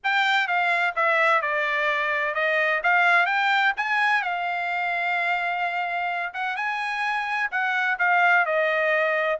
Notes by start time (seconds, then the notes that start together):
0.03 G5
0.47 F5
0.95 E5
1.41 D5
2.34 D#5
2.83 F5
3.26 G5
3.76 G#5
4.22 F5
6.33 F#5
6.56 G#5
7.51 F#5
7.98 F5
8.45 D#5